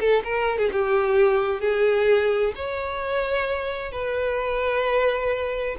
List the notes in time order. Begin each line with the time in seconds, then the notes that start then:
0.00 A4
0.24 A#4
0.58 G#4
0.72 G4
1.61 G#4
2.55 C#5
3.92 B4